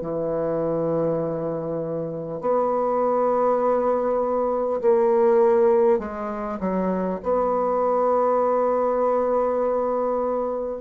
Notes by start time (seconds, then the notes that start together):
0.00 E3
2.41 B3
4.81 A#3
5.98 G#3
6.60 F#3
7.22 B3